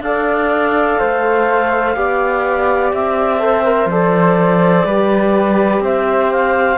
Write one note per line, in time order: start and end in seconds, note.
0.00 0.97 D4
0.00 1.95 A4
0.00 0.99 D5
0.00 2.93 F5
0.99 1.96 A3
0.99 1.96 C5
1.95 2.92 B3
1.95 3.39 G4
1.95 3.42 D5
2.93 3.86 C4
2.93 3.90 E5
3.39 3.63 A4
3.39 4.86 C5
3.65 3.89 A#4
3.86 4.82 F3
3.86 4.86 A4
3.86 5.84 D5
4.85 5.80 G3
4.85 6.78 G4
4.85 5.83 B4
5.80 6.77 C4
5.80 6.78 C5
5.80 6.32 E5
6.32 6.78 F5